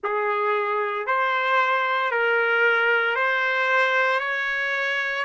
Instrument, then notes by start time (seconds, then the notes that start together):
trumpet
0.02 G#4
1.06 C5
2.11 A#4
3.15 C5
4.19 C#5